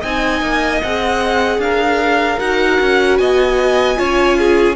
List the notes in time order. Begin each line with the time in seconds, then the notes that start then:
0.00 C4 D#4 D#5 G#5
0.41 A#3
0.82 C4 G#4 F#5
1.58 D4 A#4 F5
2.39 D#4 F#4 F#5
2.80 C#4
3.17 B3 D#5 G#5
3.96 C#4 F4 C#5
4.38 G#4